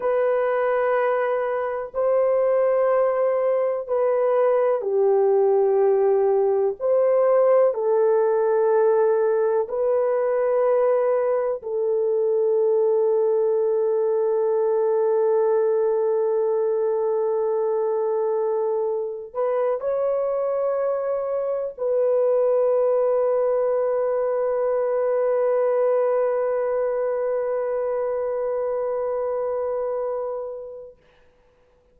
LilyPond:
\new Staff \with { instrumentName = "horn" } { \time 4/4 \tempo 4 = 62 b'2 c''2 | b'4 g'2 c''4 | a'2 b'2 | a'1~ |
a'1 | b'8 cis''2 b'4.~ | b'1~ | b'1 | }